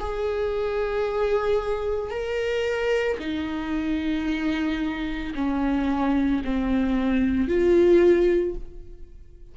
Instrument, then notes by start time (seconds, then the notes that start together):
viola
0.00 G#4
2.11 A#4
3.19 D#4
5.35 C#4
6.44 C4
7.48 F4